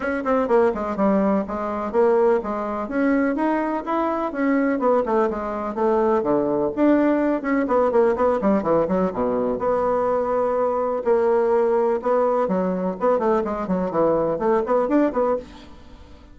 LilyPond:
\new Staff \with { instrumentName = "bassoon" } { \time 4/4 \tempo 4 = 125 cis'8 c'8 ais8 gis8 g4 gis4 | ais4 gis4 cis'4 dis'4 | e'4 cis'4 b8 a8 gis4 | a4 d4 d'4. cis'8 |
b8 ais8 b8 g8 e8 fis8 b,4 | b2. ais4~ | ais4 b4 fis4 b8 a8 | gis8 fis8 e4 a8 b8 d'8 b8 | }